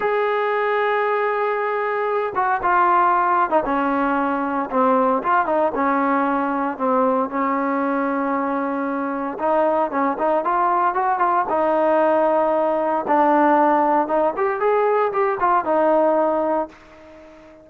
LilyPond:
\new Staff \with { instrumentName = "trombone" } { \time 4/4 \tempo 4 = 115 gis'1~ | gis'8 fis'8 f'4.~ f'16 dis'16 cis'4~ | cis'4 c'4 f'8 dis'8 cis'4~ | cis'4 c'4 cis'2~ |
cis'2 dis'4 cis'8 dis'8 | f'4 fis'8 f'8 dis'2~ | dis'4 d'2 dis'8 g'8 | gis'4 g'8 f'8 dis'2 | }